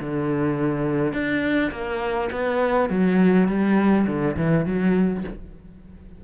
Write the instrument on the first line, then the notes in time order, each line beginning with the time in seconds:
cello
0.00 D3
1.13 D4
1.72 A#3
2.32 B3
2.90 F#3
3.48 G3
4.07 D3
4.37 E3
4.66 F#3